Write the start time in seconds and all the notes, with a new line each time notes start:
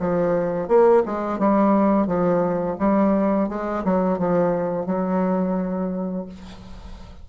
0.00 F3
0.68 A#3
1.06 G#3
1.39 G3
2.07 F3
2.79 G3
3.49 G#3
3.84 F#3
4.19 F3
4.86 F#3